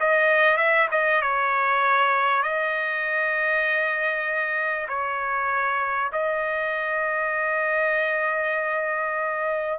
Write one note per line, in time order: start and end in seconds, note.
0.00 0.57 D#5
0.57 0.88 E5
0.91 1.22 D#5
1.22 2.43 C#5
2.43 4.88 D#5
4.88 6.11 C#5
6.13 9.79 D#5